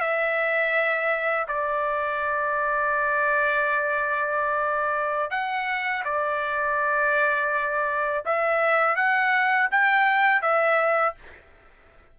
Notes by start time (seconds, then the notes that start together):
0.00 E5
1.48 D5
5.30 F#5
6.05 D5
8.25 E5
8.96 F#5
9.71 G5
10.42 E5